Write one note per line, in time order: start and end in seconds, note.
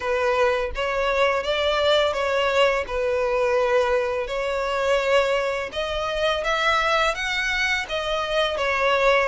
0.00 0.71 B4
0.75 1.43 C#5
1.43 2.13 D5
2.13 2.84 C#5
2.87 4.27 B4
4.27 5.69 C#5
5.72 6.44 D#5
6.44 7.14 E5
7.14 7.86 F#5
7.88 8.57 D#5
8.57 9.28 C#5